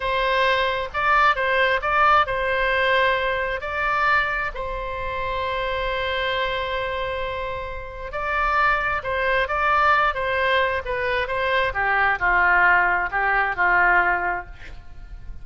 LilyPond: \new Staff \with { instrumentName = "oboe" } { \time 4/4 \tempo 4 = 133 c''2 d''4 c''4 | d''4 c''2. | d''2 c''2~ | c''1~ |
c''2 d''2 | c''4 d''4. c''4. | b'4 c''4 g'4 f'4~ | f'4 g'4 f'2 | }